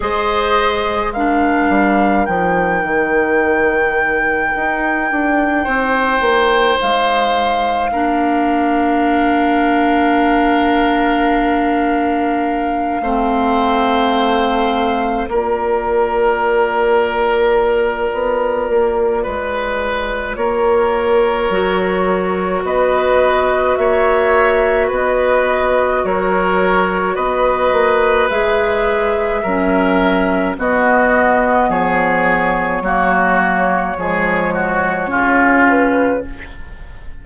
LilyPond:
<<
  \new Staff \with { instrumentName = "flute" } { \time 4/4 \tempo 4 = 53 dis''4 f''4 g''2~ | g''2 f''2~ | f''1~ | f''4. d''2~ d''8~ |
d''2 cis''2 | dis''4 e''4 dis''4 cis''4 | dis''4 e''2 dis''4 | cis''2.~ cis''8 b'8 | }
  \new Staff \with { instrumentName = "oboe" } { \time 4/4 c''4 ais'2.~ | ais'4 c''2 ais'4~ | ais'2.~ ais'8 c''8~ | c''4. ais'2~ ais'8~ |
ais'4 b'4 ais'2 | b'4 cis''4 b'4 ais'4 | b'2 ais'4 fis'4 | gis'4 fis'4 gis'8 fis'8 f'4 | }
  \new Staff \with { instrumentName = "clarinet" } { \time 4/4 gis'4 d'4 dis'2~ | dis'2. d'4~ | d'2.~ d'8 c'8~ | c'4. f'2~ f'8~ |
f'2. fis'4~ | fis'1~ | fis'4 gis'4 cis'4 b4~ | b4 ais4 gis4 cis'4 | }
  \new Staff \with { instrumentName = "bassoon" } { \time 4/4 gis4. g8 f8 dis4. | dis'8 d'8 c'8 ais8 gis4 ais4~ | ais2.~ ais8 a8~ | a4. ais2~ ais8 |
b8 ais8 gis4 ais4 fis4 | b4 ais4 b4 fis4 | b8 ais8 gis4 fis4 b4 | f4 fis4 f4 cis4 | }
>>